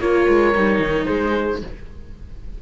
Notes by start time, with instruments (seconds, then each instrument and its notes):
0.00 cello A#3, viola F4, horn A#4, oboe C#5
0.28 cello G#3
0.54 cello G3, viola D#4
0.79 cello D#3
1.05 cello G#3, horn G#4, oboe C5